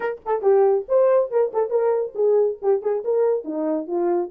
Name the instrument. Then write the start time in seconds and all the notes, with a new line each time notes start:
horn
0.00 A#4
0.25 A4
0.42 G4
0.88 C5
1.30 A#4
1.53 A4
1.70 A#4
2.14 G#4
2.62 G4
2.82 G#4
3.04 A#4
3.44 D#4
3.87 F4